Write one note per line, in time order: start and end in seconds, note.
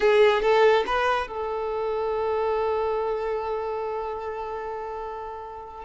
0.00 0.42 G#4
0.42 0.84 A4
0.86 1.27 B4
1.27 5.84 A4